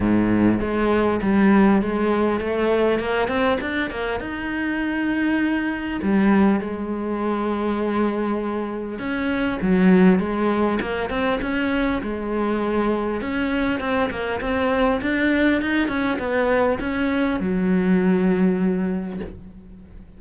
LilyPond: \new Staff \with { instrumentName = "cello" } { \time 4/4 \tempo 4 = 100 gis,4 gis4 g4 gis4 | a4 ais8 c'8 d'8 ais8 dis'4~ | dis'2 g4 gis4~ | gis2. cis'4 |
fis4 gis4 ais8 c'8 cis'4 | gis2 cis'4 c'8 ais8 | c'4 d'4 dis'8 cis'8 b4 | cis'4 fis2. | }